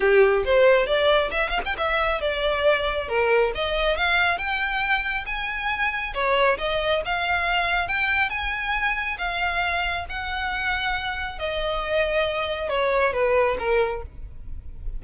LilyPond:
\new Staff \with { instrumentName = "violin" } { \time 4/4 \tempo 4 = 137 g'4 c''4 d''4 e''8 f''16 g''16 | e''4 d''2 ais'4 | dis''4 f''4 g''2 | gis''2 cis''4 dis''4 |
f''2 g''4 gis''4~ | gis''4 f''2 fis''4~ | fis''2 dis''2~ | dis''4 cis''4 b'4 ais'4 | }